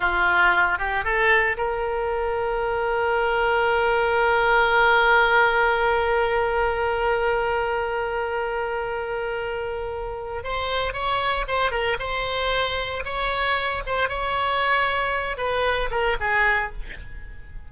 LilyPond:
\new Staff \with { instrumentName = "oboe" } { \time 4/4 \tempo 4 = 115 f'4. g'8 a'4 ais'4~ | ais'1~ | ais'1~ | ais'1~ |
ais'1 | c''4 cis''4 c''8 ais'8 c''4~ | c''4 cis''4. c''8 cis''4~ | cis''4. b'4 ais'8 gis'4 | }